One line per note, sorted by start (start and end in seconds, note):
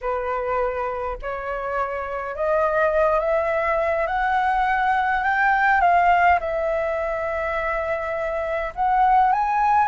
0.01 1.17 B4
1.22 2.35 C#5
2.35 3.19 D#5
3.19 4.06 E5
4.06 5.23 F#5
5.23 5.80 G5
5.80 6.39 F5
6.40 8.73 E5
8.75 9.32 F#5
9.32 9.88 G#5